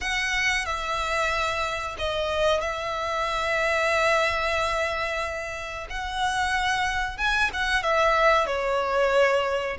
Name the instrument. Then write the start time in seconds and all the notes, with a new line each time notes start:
violin
0.00 F#5
0.65 E5
1.98 D#5
2.61 E5
5.89 F#5
7.17 G#5
7.53 F#5
7.83 E5
8.46 C#5